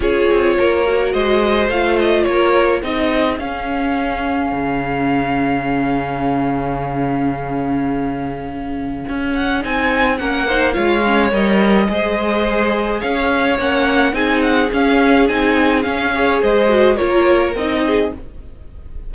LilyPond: <<
  \new Staff \with { instrumentName = "violin" } { \time 4/4 \tempo 4 = 106 cis''2 dis''4 f''8 dis''8 | cis''4 dis''4 f''2~ | f''1~ | f''1~ |
f''8 fis''8 gis''4 fis''4 f''4 | dis''2. f''4 | fis''4 gis''8 fis''8 f''4 gis''4 | f''4 dis''4 cis''4 dis''4 | }
  \new Staff \with { instrumentName = "violin" } { \time 4/4 gis'4 ais'4 c''2 | ais'4 gis'2.~ | gis'1~ | gis'1~ |
gis'2 ais'8 c''8 cis''4~ | cis''4 c''2 cis''4~ | cis''4 gis'2.~ | gis'8 cis''8 c''4 ais'4. gis'8 | }
  \new Staff \with { instrumentName = "viola" } { \time 4/4 f'4. fis'4. f'4~ | f'4 dis'4 cis'2~ | cis'1~ | cis'1~ |
cis'4 dis'4 cis'8 dis'8 f'8 cis'8 | ais'4 gis'2. | cis'4 dis'4 cis'4 dis'4 | cis'8 gis'4 fis'8 f'4 dis'4 | }
  \new Staff \with { instrumentName = "cello" } { \time 4/4 cis'8 c'8 ais4 gis4 a4 | ais4 c'4 cis'2 | cis1~ | cis1 |
cis'4 c'4 ais4 gis4 | g4 gis2 cis'4 | ais4 c'4 cis'4 c'4 | cis'4 gis4 ais4 c'4 | }
>>